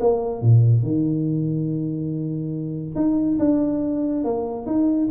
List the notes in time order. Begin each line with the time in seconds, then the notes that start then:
0.00 A#3
0.42 A#2
0.82 D#3
2.95 D#4
3.39 D4
4.24 A#3
4.66 D#4